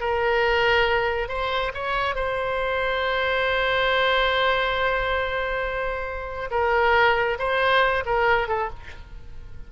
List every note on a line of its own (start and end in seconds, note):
0.00 1.28 A#4
1.28 1.72 C5
1.74 2.15 C#5
2.15 6.50 C5
6.51 7.38 A#4
7.39 8.04 C5
8.06 8.48 A#4
8.48 8.70 A4